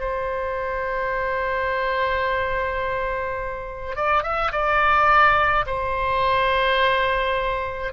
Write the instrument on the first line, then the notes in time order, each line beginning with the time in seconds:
oboe
0.00 C5
3.96 D5
4.23 E5
4.52 D5
5.67 C5